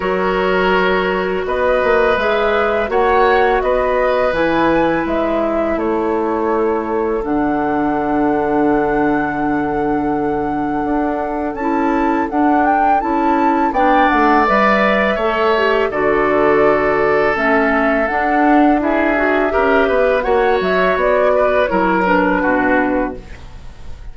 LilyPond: <<
  \new Staff \with { instrumentName = "flute" } { \time 4/4 \tempo 4 = 83 cis''2 dis''4 e''4 | fis''4 dis''4 gis''4 e''4 | cis''2 fis''2~ | fis''1 |
a''4 fis''8 g''8 a''4 g''8 fis''8 | e''2 d''2 | e''4 fis''4 e''2 | fis''8 e''8 d''4 cis''8 b'4. | }
  \new Staff \with { instrumentName = "oboe" } { \time 4/4 ais'2 b'2 | cis''4 b'2. | a'1~ | a'1~ |
a'2. d''4~ | d''4 cis''4 a'2~ | a'2 gis'4 ais'8 b'8 | cis''4. b'8 ais'4 fis'4 | }
  \new Staff \with { instrumentName = "clarinet" } { \time 4/4 fis'2. gis'4 | fis'2 e'2~ | e'2 d'2~ | d'1 |
e'4 d'4 e'4 d'4 | b'4 a'8 g'8 fis'2 | cis'4 d'4 e'8 fis'8 g'4 | fis'2 e'8 d'4. | }
  \new Staff \with { instrumentName = "bassoon" } { \time 4/4 fis2 b8 ais8 gis4 | ais4 b4 e4 gis4 | a2 d2~ | d2. d'4 |
cis'4 d'4 cis'4 b8 a8 | g4 a4 d2 | a4 d'2 cis'8 b8 | ais8 fis8 b4 fis4 b,4 | }
>>